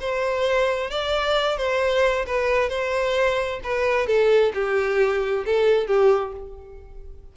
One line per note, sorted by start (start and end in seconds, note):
0.00 0.90 C5
0.90 1.57 D5
1.57 2.25 C5
2.26 2.69 B4
2.69 3.60 C5
3.63 4.07 B4
4.07 4.52 A4
4.54 5.45 G4
5.45 5.87 A4
5.87 6.33 G4